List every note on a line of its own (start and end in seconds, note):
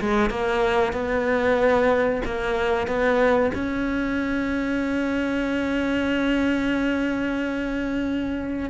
0.00 0.30 G#3
0.30 0.92 A#3
0.92 2.21 B3
2.25 2.87 A#3
2.87 3.51 B3
3.54 8.69 C#4